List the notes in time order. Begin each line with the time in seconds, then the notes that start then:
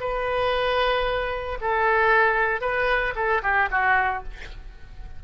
0.00 B4
1.61 A4
2.61 B4
3.15 A4
3.42 G4
3.71 F#4